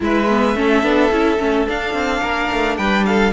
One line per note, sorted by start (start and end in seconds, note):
0.00 0.56 G#3
0.00 0.27 E4
0.00 0.56 B4
0.00 1.69 E5
0.29 0.55 B3
0.55 0.83 A3
0.55 0.82 C#4
0.55 2.20 A4
0.82 1.11 B3
0.82 1.10 D4
1.11 1.39 C#4
1.11 1.38 E4
1.38 1.67 A3
1.38 1.66 C#4
1.67 3.32 D4
1.67 1.93 D4
1.67 2.76 F5
1.93 2.21 C4
2.20 2.49 A#3
2.20 2.76 A#4
2.51 2.78 A3
2.76 3.32 G3
2.76 3.06 B4
2.76 3.04 G5
3.05 3.32 A4
3.05 3.32 F5